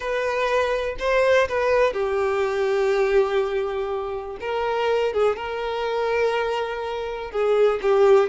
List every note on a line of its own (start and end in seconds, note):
0.00 0.96 B4
0.99 1.48 C5
1.48 1.93 B4
1.93 4.37 G4
4.40 5.13 A#4
5.13 5.36 G#4
5.36 7.31 A#4
7.31 7.80 G#4
7.82 8.29 G4